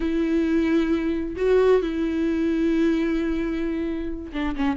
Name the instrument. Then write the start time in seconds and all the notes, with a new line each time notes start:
viola
0.00 E4
1.36 F#4
1.82 E4
4.32 D4
4.56 C#4